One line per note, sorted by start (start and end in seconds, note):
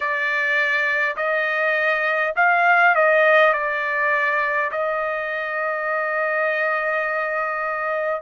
0.00 1.16 D5
1.16 2.34 D#5
2.36 2.95 F5
2.95 3.53 D#5
3.53 4.71 D5
4.71 8.21 D#5